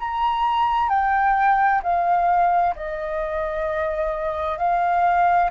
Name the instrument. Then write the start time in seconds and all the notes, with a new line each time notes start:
flute
0.00 A#5
0.89 G5
1.83 F5
2.76 D#5
4.58 F5